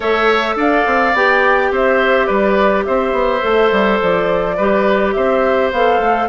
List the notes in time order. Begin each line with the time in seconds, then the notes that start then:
0.00 A3 A4 C#5 E5
0.56 D4 D5 F5
0.86 C4
1.14 B3 G4 G5
1.71 C4 C5 E5
2.26 G3 B4 D5
2.85 C4 C5 E5
3.12 B3
3.41 A3 A4
3.71 G3
4.01 F3 D5
4.56 G3 G4 B4
5.12 C4 C5 E5
5.72 B3 A4 F5
5.99 A3